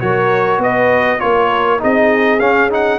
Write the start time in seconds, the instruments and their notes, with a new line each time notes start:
0.00 tuba F#3, trombone F#4, horn A#4, trumpet C#5
0.58 tuba B3, horn B4, trumpet D#5
1.20 tuba A#3, trombone F4, horn A#4, trumpet C#5
1.79 tuba C4, trombone D#4, horn G#4, trumpet D#5
2.40 tuba C#4, trombone C#4, trumpet F5
2.71 trombone D#4, trumpet F#5